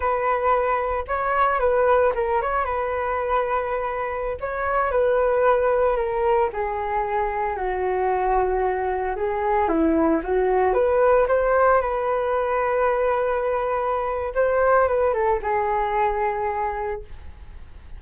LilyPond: \new Staff \with { instrumentName = "flute" } { \time 4/4 \tempo 4 = 113 b'2 cis''4 b'4 | ais'8 cis''8 b'2.~ | b'16 cis''4 b'2 ais'8.~ | ais'16 gis'2 fis'4.~ fis'16~ |
fis'4~ fis'16 gis'4 e'4 fis'8.~ | fis'16 b'4 c''4 b'4.~ b'16~ | b'2. c''4 | b'8 a'8 gis'2. | }